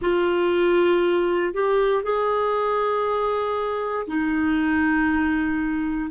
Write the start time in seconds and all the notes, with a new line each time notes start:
0.01 F4
1.53 G4
2.03 G#4
4.07 D#4